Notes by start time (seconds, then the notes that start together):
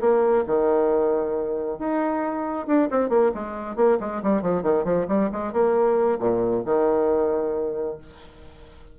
0.00 A#3
0.47 D#3
1.78 D#4
2.67 D4
2.91 C4
3.09 A#3
3.34 G#3
3.76 A#3
4.00 G#3
4.22 G3
4.42 F3
4.63 D#3
4.84 F3
5.08 G3
5.32 G#3
5.53 A#3
6.19 A#2
6.65 D#3